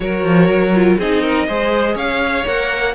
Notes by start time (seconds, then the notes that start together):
0.00 F#3 F#4 A#4 C#5
0.24 F3
0.48 F#3
0.74 F4
0.98 C4 D#4 G#4 D#5
1.21 A#4
1.47 G#3 G#4 C5
1.95 C#4 C#5 F5
2.45 A#3 A#4 F#5